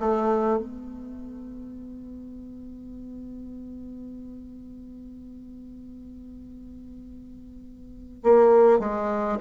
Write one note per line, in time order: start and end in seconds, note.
0.00 0.58 A3
0.58 8.22 B3
8.24 8.80 A#3
8.80 9.39 G#3